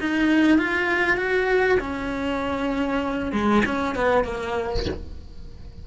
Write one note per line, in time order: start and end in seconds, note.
0.00 0.58 D#4
0.58 1.17 F4
1.17 1.78 F#4
1.79 3.32 C#4
3.32 3.63 G#3
3.65 3.95 C#4
3.95 4.24 B3
4.24 4.85 A#3